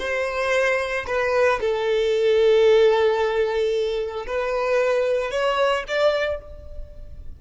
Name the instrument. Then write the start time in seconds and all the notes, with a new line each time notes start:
violin
0.00 C5
1.07 B4
1.61 A4
4.27 B4
5.31 C#5
5.88 D5